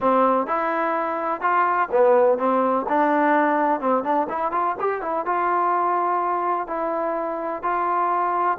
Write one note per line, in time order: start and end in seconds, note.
0.00 0.47 C4
0.47 1.41 E4
1.41 1.88 F4
1.91 2.38 B3
2.38 2.86 C4
2.88 3.80 D4
3.80 4.03 C4
4.03 4.27 D4
4.29 4.51 E4
4.51 4.75 F4
4.80 5.01 G4
5.01 5.25 E4
5.25 6.67 F4
6.67 7.62 E4
7.63 8.58 F4